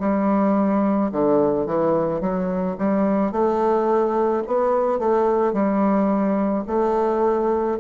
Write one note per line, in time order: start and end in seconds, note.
0.00 1.11 G3
1.12 1.67 D3
1.67 2.21 E3
2.21 2.77 F#3
2.79 3.32 G3
3.32 4.43 A3
4.47 4.99 B3
4.99 5.54 A3
5.54 6.65 G3
6.67 7.78 A3